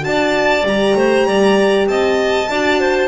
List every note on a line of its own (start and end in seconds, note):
0.00 0.63 D4
0.00 0.61 F#4
0.00 0.65 A5
0.07 0.97 D5
0.63 0.93 G3
0.63 2.47 G4
0.63 1.88 A#5
0.95 1.25 A3
0.95 1.26 C5
1.25 1.86 G3
1.25 1.87 D5
1.86 2.47 C4
1.86 2.50 D#5
1.86 3.08 A5
2.49 3.08 D4
2.49 3.08 F#4
2.49 2.80 D5
2.80 3.08 C5